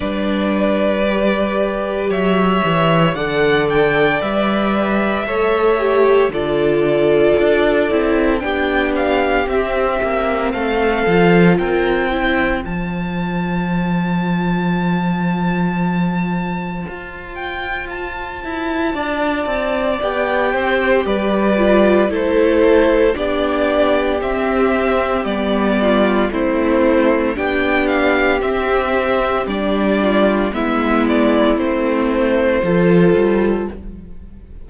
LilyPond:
<<
  \new Staff \with { instrumentName = "violin" } { \time 4/4 \tempo 4 = 57 d''2 e''4 fis''8 g''8 | e''2 d''2 | g''8 f''8 e''4 f''4 g''4 | a''1~ |
a''8 g''8 a''2 g''4 | d''4 c''4 d''4 e''4 | d''4 c''4 g''8 f''8 e''4 | d''4 e''8 d''8 c''2 | }
  \new Staff \with { instrumentName = "violin" } { \time 4/4 b'2 cis''4 d''4~ | d''4 cis''4 a'2 | g'2 a'4 ais'8 c''8~ | c''1~ |
c''2 d''4. c''8 | b'4 a'4 g'2~ | g'8 f'8 e'4 g'2~ | g'8 f'8 e'2 a'4 | }
  \new Staff \with { instrumentName = "viola" } { \time 4/4 d'4 g'2 a'4 | b'4 a'8 g'8 f'4. e'8 | d'4 c'4. f'4 e'8 | f'1~ |
f'2. g'4~ | g'8 f'8 e'4 d'4 c'4 | b4 c'4 d'4 c'4 | d'4 b4 c'4 f'4 | }
  \new Staff \with { instrumentName = "cello" } { \time 4/4 g2 fis8 e8 d4 | g4 a4 d4 d'8 c'8 | b4 c'8 ais8 a8 f8 c'4 | f1 |
f'4. e'8 d'8 c'8 b8 c'8 | g4 a4 b4 c'4 | g4 a4 b4 c'4 | g4 gis4 a4 f8 g8 | }
>>